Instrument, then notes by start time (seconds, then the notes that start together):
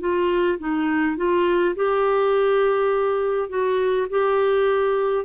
clarinet
0.00 F4
0.59 D#4
1.17 F4
1.75 G4
3.49 F#4
4.10 G4